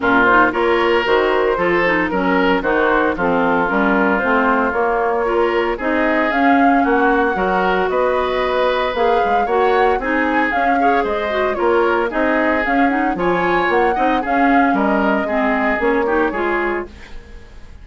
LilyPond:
<<
  \new Staff \with { instrumentName = "flute" } { \time 4/4 \tempo 4 = 114 ais'8 c''8 cis''4 c''2 | ais'4 c''4 a'4 ais'4 | c''4 cis''2 dis''4 | f''4 fis''2 dis''4~ |
dis''4 f''4 fis''4 gis''4 | f''4 dis''4 cis''4 dis''4 | f''8 fis''8 gis''4 fis''4 f''4 | dis''2 cis''2 | }
  \new Staff \with { instrumentName = "oboe" } { \time 4/4 f'4 ais'2 a'4 | ais'4 fis'4 f'2~ | f'2 ais'4 gis'4~ | gis'4 fis'4 ais'4 b'4~ |
b'2 cis''4 gis'4~ | gis'8 cis''8 c''4 ais'4 gis'4~ | gis'4 cis''4. dis''8 gis'4 | ais'4 gis'4. g'8 gis'4 | }
  \new Staff \with { instrumentName = "clarinet" } { \time 4/4 cis'8 dis'8 f'4 fis'4 f'8 dis'8 | cis'4 dis'4 c'4 cis'4 | c'4 ais4 f'4 dis'4 | cis'2 fis'2~ |
fis'4 gis'4 fis'4 dis'4 | cis'8 gis'4 fis'8 f'4 dis'4 | cis'8 dis'8 f'4. dis'8 cis'4~ | cis'4 c'4 cis'8 dis'8 f'4 | }
  \new Staff \with { instrumentName = "bassoon" } { \time 4/4 ais,4 ais4 dis4 f4 | fis4 dis4 f4 g4 | a4 ais2 c'4 | cis'4 ais4 fis4 b4~ |
b4 ais8 gis8 ais4 c'4 | cis'4 gis4 ais4 c'4 | cis'4 f4 ais8 c'8 cis'4 | g4 gis4 ais4 gis4 | }
>>